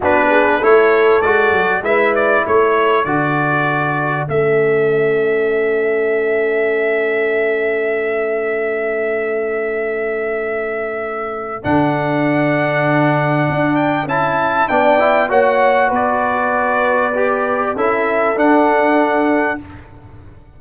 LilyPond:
<<
  \new Staff \with { instrumentName = "trumpet" } { \time 4/4 \tempo 4 = 98 b'4 cis''4 d''4 e''8 d''8 | cis''4 d''2 e''4~ | e''1~ | e''1~ |
e''2. fis''4~ | fis''2~ fis''8 g''8 a''4 | g''4 fis''4 d''2~ | d''4 e''4 fis''2 | }
  \new Staff \with { instrumentName = "horn" } { \time 4/4 fis'8 gis'8 a'2 b'4 | a'1~ | a'1~ | a'1~ |
a'1~ | a'1 | d''4 cis''4 b'2~ | b'4 a'2. | }
  \new Staff \with { instrumentName = "trombone" } { \time 4/4 d'4 e'4 fis'4 e'4~ | e'4 fis'2 cis'4~ | cis'1~ | cis'1~ |
cis'2. d'4~ | d'2. e'4 | d'8 e'8 fis'2. | g'4 e'4 d'2 | }
  \new Staff \with { instrumentName = "tuba" } { \time 4/4 b4 a4 gis8 fis8 gis4 | a4 d2 a4~ | a1~ | a1~ |
a2. d4~ | d2 d'4 cis'4 | b4 ais4 b2~ | b4 cis'4 d'2 | }
>>